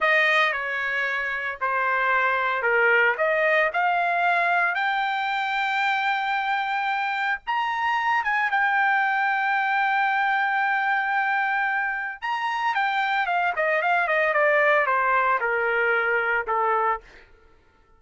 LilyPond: \new Staff \with { instrumentName = "trumpet" } { \time 4/4 \tempo 4 = 113 dis''4 cis''2 c''4~ | c''4 ais'4 dis''4 f''4~ | f''4 g''2.~ | g''2 ais''4. gis''8 |
g''1~ | g''2. ais''4 | g''4 f''8 dis''8 f''8 dis''8 d''4 | c''4 ais'2 a'4 | }